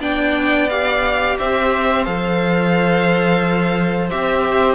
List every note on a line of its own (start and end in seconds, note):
0.00 1.36 B3
0.00 0.69 D4
0.00 1.37 D5
0.00 0.69 G5
0.69 2.05 G4
0.69 1.38 F5
1.38 2.07 C4
1.38 4.75 C5
1.38 2.05 E5
2.05 4.11 F3
2.05 4.10 A4
2.05 4.10 F5
4.10 4.75 C4
4.10 4.75 G4
4.10 4.75 E5